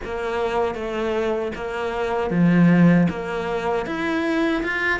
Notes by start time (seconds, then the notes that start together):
0.04 A#3
0.74 A3
1.55 A#3
2.30 F3
3.09 A#3
3.86 E4
4.63 F4